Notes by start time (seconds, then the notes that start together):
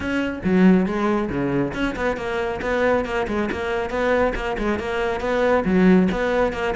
0.00 C#4
0.43 F#3
0.86 G#3
1.29 C#3
1.73 C#4
1.96 B3
2.16 A#3
2.61 B3
3.05 A#3
3.27 G#3
3.51 A#3
3.90 B3
4.35 A#3
4.58 G#3
4.79 A#3
5.20 B3
5.64 F#3
6.11 B3
6.52 A#3